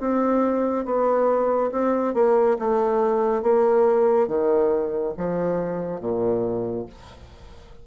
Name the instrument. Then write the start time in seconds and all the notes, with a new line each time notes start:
bassoon
0.00 C4
0.85 B3
1.72 C4
2.14 A#3
2.59 A3
3.42 A#3
4.28 D#3
5.17 F3
6.00 A#2